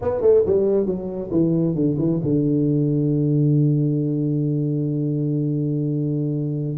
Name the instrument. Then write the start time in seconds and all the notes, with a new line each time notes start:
tuba
0.01 B3
0.21 A3
0.45 G3
0.86 F#3
1.31 E3
1.75 D3
1.98 E3
2.23 D3